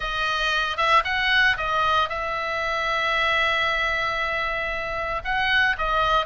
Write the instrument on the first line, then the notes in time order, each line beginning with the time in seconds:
oboe
0.00 D#5
0.77 E5
1.04 F#5
1.57 D#5
2.09 E5
5.24 F#5
5.77 D#5